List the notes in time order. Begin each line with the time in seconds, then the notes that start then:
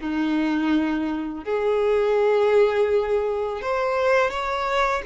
0.00 D#4
1.45 G#4
3.62 C5
4.30 C#5